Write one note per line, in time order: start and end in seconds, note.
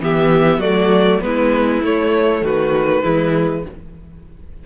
0.00 0.58 E3
0.00 0.62 B3
0.00 0.60 G4
0.00 0.61 E5
0.58 1.19 F#3
0.58 1.22 A3
0.58 1.20 F#4
0.58 1.22 D5
1.22 1.82 G#3
1.22 1.82 B3
1.22 2.44 E4
1.22 1.82 B4
1.82 2.42 A3
1.82 3.03 A3
1.82 2.45 C#5
2.42 3.03 D#3
2.42 3.04 F#4
2.42 3.67 B4
3.03 3.66 E3
3.03 3.64 G#3
3.03 3.64 E4